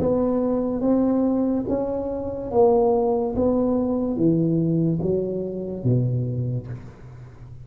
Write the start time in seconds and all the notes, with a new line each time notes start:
0.00 B3
0.81 C4
1.69 C#4
2.51 A#3
3.36 B3
4.16 E3
5.02 F#3
5.84 B2